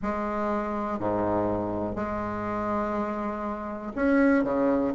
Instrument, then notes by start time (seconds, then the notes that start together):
bassoon
0.02 G#3
0.99 G#2
1.95 G#3
3.95 C#4
4.44 C#3